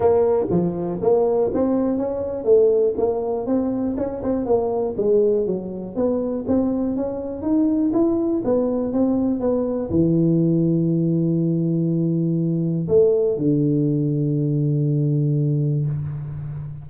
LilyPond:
\new Staff \with { instrumentName = "tuba" } { \time 4/4 \tempo 4 = 121 ais4 f4 ais4 c'4 | cis'4 a4 ais4 c'4 | cis'8 c'8 ais4 gis4 fis4 | b4 c'4 cis'4 dis'4 |
e'4 b4 c'4 b4 | e1~ | e2 a4 d4~ | d1 | }